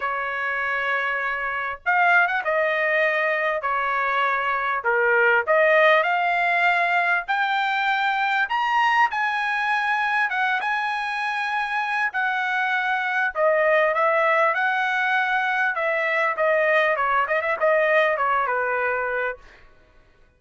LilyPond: \new Staff \with { instrumentName = "trumpet" } { \time 4/4 \tempo 4 = 99 cis''2. f''8. fis''16 | dis''2 cis''2 | ais'4 dis''4 f''2 | g''2 ais''4 gis''4~ |
gis''4 fis''8 gis''2~ gis''8 | fis''2 dis''4 e''4 | fis''2 e''4 dis''4 | cis''8 dis''16 e''16 dis''4 cis''8 b'4. | }